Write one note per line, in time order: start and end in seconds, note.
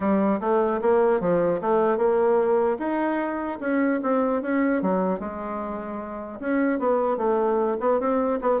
0.00 0.39 G3
0.40 0.80 A3
0.81 1.20 A#3
1.20 1.60 F3
1.61 1.97 A3
1.97 2.77 A#3
2.79 3.59 D#4
3.60 4.00 C#4
4.03 4.42 C4
4.42 4.82 C#4
4.82 5.19 F#3
5.19 6.39 G#3
6.40 6.79 C#4
6.79 7.17 B3
7.17 7.77 A3
7.80 8.00 B3
8.00 8.40 C4
8.41 8.60 B3